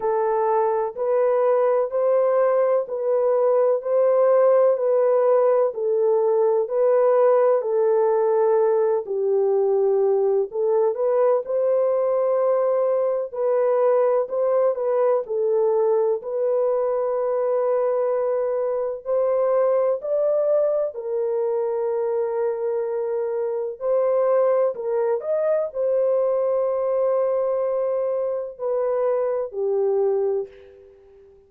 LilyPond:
\new Staff \with { instrumentName = "horn" } { \time 4/4 \tempo 4 = 63 a'4 b'4 c''4 b'4 | c''4 b'4 a'4 b'4 | a'4. g'4. a'8 b'8 | c''2 b'4 c''8 b'8 |
a'4 b'2. | c''4 d''4 ais'2~ | ais'4 c''4 ais'8 dis''8 c''4~ | c''2 b'4 g'4 | }